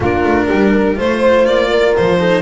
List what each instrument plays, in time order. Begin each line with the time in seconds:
0.00 double bass A#3, cello D4, horn F4, violin A#4
0.24 double bass A3
0.48 double bass G3, horn G4
0.72 horn A#4
0.95 double bass A3, cello F4, horn C5, violin C5
1.45 double bass A#3, violin D5
1.69 horn A#4
1.96 double bass F3, violin C5
2.18 cello D#4, horn A4